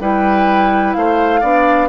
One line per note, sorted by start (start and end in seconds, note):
0.00 0.95 G3
0.00 1.42 E4
0.00 0.96 B4
0.00 0.94 G5
0.94 1.42 A3
0.94 1.40 C5
0.94 1.89 F5
1.40 1.89 B3
1.40 1.89 D4
1.40 1.88 D5